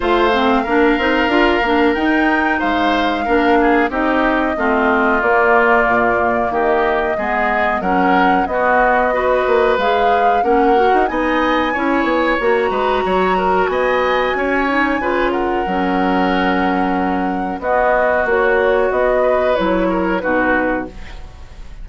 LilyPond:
<<
  \new Staff \with { instrumentName = "flute" } { \time 4/4 \tempo 4 = 92 f''2. g''4 | f''2 dis''2 | d''2 dis''2 | fis''4 dis''2 f''4 |
fis''4 gis''2 ais''4~ | ais''4 gis''2~ gis''8 fis''8~ | fis''2. dis''4 | cis''4 dis''4 cis''4 b'4 | }
  \new Staff \with { instrumentName = "oboe" } { \time 4/4 c''4 ais'2. | c''4 ais'8 gis'8 g'4 f'4~ | f'2 g'4 gis'4 | ais'4 fis'4 b'2 |
ais'4 dis''4 cis''4. b'8 | cis''8 ais'8 dis''4 cis''4 b'8 ais'8~ | ais'2. fis'4~ | fis'4. b'4 ais'8 fis'4 | }
  \new Staff \with { instrumentName = "clarinet" } { \time 4/4 f'8 c'8 d'8 dis'8 f'8 d'8 dis'4~ | dis'4 d'4 dis'4 c'4 | ais2. b4 | cis'4 b4 fis'4 gis'4 |
cis'8 fis'8 dis'4 e'4 fis'4~ | fis'2~ fis'8 dis'8 f'4 | cis'2. b4 | fis'2 e'4 dis'4 | }
  \new Staff \with { instrumentName = "bassoon" } { \time 4/4 a4 ais8 c'8 d'8 ais8 dis'4 | gis4 ais4 c'4 a4 | ais4 ais,4 dis4 gis4 | fis4 b4. ais8 gis4 |
ais8. dis'16 b4 cis'8 b8 ais8 gis8 | fis4 b4 cis'4 cis4 | fis2. b4 | ais4 b4 fis4 b,4 | }
>>